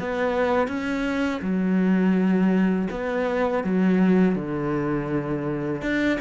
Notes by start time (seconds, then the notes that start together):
0.00 B3
0.68 C#4
1.42 F#3
2.91 B3
3.64 F#3
4.35 D3
5.82 D4